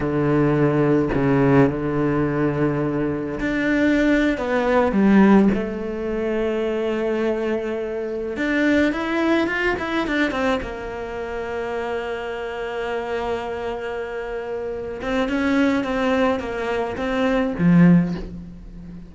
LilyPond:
\new Staff \with { instrumentName = "cello" } { \time 4/4 \tempo 4 = 106 d2 cis4 d4~ | d2 d'4.~ d'16 b16~ | b8. g4 a2~ a16~ | a2~ a8. d'4 e'16~ |
e'8. f'8 e'8 d'8 c'8 ais4~ ais16~ | ais1~ | ais2~ ais8 c'8 cis'4 | c'4 ais4 c'4 f4 | }